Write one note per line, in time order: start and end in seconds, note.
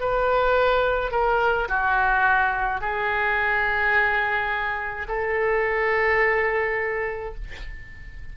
0.00 1.11 B4
1.11 1.68 A#4
1.68 2.80 F#4
2.80 5.07 G#4
5.08 7.34 A4